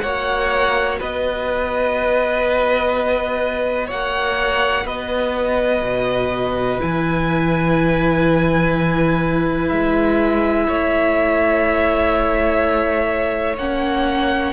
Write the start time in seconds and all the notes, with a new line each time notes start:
0.00 A#3 F#4 C#5 F#5
0.99 B3 B4 D#5
3.87 A#3 C#5 F#5
4.85 B3 B4 D#5
5.81 B2
6.79 E3 E4 G#5
9.68 G#3 E5
10.67 A3 C#5
13.57 A#3 C#4 F#5